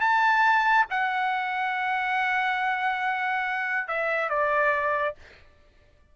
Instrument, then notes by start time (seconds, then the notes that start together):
trumpet
0.00 A5
0.90 F#5
3.88 E5
4.29 D5